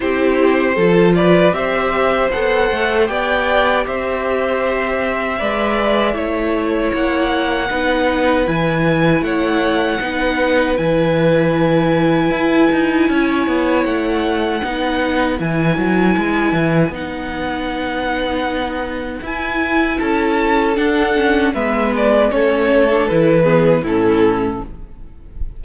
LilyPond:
<<
  \new Staff \with { instrumentName = "violin" } { \time 4/4 \tempo 4 = 78 c''4. d''8 e''4 fis''4 | g''4 e''2.~ | e''4 fis''2 gis''4 | fis''2 gis''2~ |
gis''2 fis''2 | gis''2 fis''2~ | fis''4 gis''4 a''4 fis''4 | e''8 d''8 cis''4 b'4 a'4 | }
  \new Staff \with { instrumentName = "violin" } { \time 4/4 g'4 a'8 b'8 c''2 | d''4 c''2 d''4 | cis''2 b'2 | cis''4 b'2.~ |
b'4 cis''2 b'4~ | b'1~ | b'2 a'2 | b'4 a'4. gis'8 e'4 | }
  \new Staff \with { instrumentName = "viola" } { \time 4/4 e'4 f'4 g'4 a'4 | g'2. b'4 | e'2 dis'4 e'4~ | e'4 dis'4 e'2~ |
e'2. dis'4 | e'2 dis'2~ | dis'4 e'2 d'8 cis'8 | b4 cis'8. d'16 e'8 b8 cis'4 | }
  \new Staff \with { instrumentName = "cello" } { \time 4/4 c'4 f4 c'4 b8 a8 | b4 c'2 gis4 | a4 ais4 b4 e4 | a4 b4 e2 |
e'8 dis'8 cis'8 b8 a4 b4 | e8 fis8 gis8 e8 b2~ | b4 e'4 cis'4 d'4 | gis4 a4 e4 a,4 | }
>>